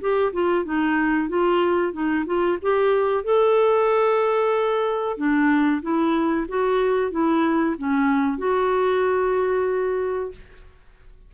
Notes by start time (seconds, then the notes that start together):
0.00 G4
0.32 F4
0.65 D#4
1.28 F4
1.92 D#4
2.26 F4
2.62 G4
3.23 A4
5.17 D4
5.82 E4
6.48 F#4
7.11 E4
7.77 C#4
8.38 F#4